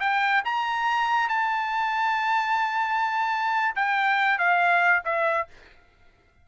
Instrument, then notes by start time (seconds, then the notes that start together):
trumpet
0.00 G5
0.45 A#5
1.29 A5
3.76 G5
4.39 F5
5.05 E5